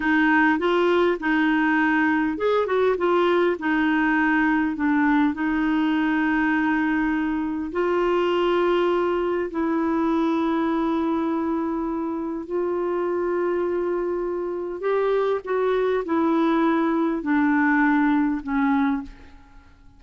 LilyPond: \new Staff \with { instrumentName = "clarinet" } { \time 4/4 \tempo 4 = 101 dis'4 f'4 dis'2 | gis'8 fis'8 f'4 dis'2 | d'4 dis'2.~ | dis'4 f'2. |
e'1~ | e'4 f'2.~ | f'4 g'4 fis'4 e'4~ | e'4 d'2 cis'4 | }